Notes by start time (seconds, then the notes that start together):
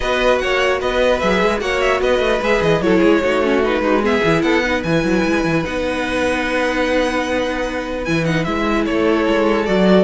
0.00 B3 F#4 B4 D#5
0.38 A#3 C#5 F#5
0.80 B3 B4 D#5
1.19 F#3 G#4 E5
1.42 G#3
1.59 A#3 F#4 C#5 F#5
1.80 E5
2.01 B3 B4 D#5
2.19 A3
2.41 G#3 G#4 E5
2.61 E3 D#5
2.81 F#3 E4 A4 C#5
2.98 G#3 G#4
3.21 A3 D#4 F#4
3.43 C#4
3.63 D#4 B4
3.80 G#3 D#4 F#4
4.02 B3 G#4 E5
4.24 E3 E4
4.42 B3 A4 F#5
4.63 D#4 B4
4.83 E3 E4 G#5
5.04 F#3
5.24 G#3
5.44 E3
5.64 B3 D#4 F#5
8.04 E3 E4 G#5
8.25 D#4 F#5
8.44 G#3 E4 E5
8.85 A3 A4 C#5
9.28 G#3
9.65 F#3 F#4 D5